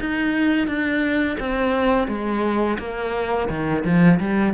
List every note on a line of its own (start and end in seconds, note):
0.00 0.68 D#4
0.68 1.37 D4
1.40 2.08 C4
2.08 2.78 G#3
2.79 3.49 A#3
3.49 3.84 D#3
3.85 4.20 F3
4.20 4.54 G3